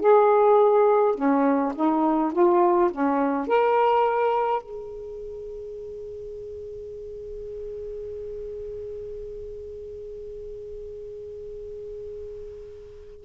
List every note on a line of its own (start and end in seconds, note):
0.00 1.15 G#4
1.15 1.73 C#4
1.75 2.32 D#4
2.32 2.90 F4
2.91 3.47 C#4
3.47 4.62 A#4
4.62 13.24 G#4